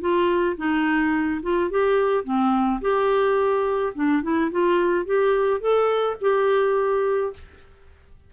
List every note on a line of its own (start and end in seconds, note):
0.00 0.56 F4
0.57 1.41 D#4
1.42 1.70 F4
1.70 2.24 G4
2.24 2.80 C4
2.81 3.93 G4
3.95 4.23 D4
4.23 4.51 E4
4.51 5.05 F4
5.05 5.60 G4
5.60 6.16 A4
6.21 7.33 G4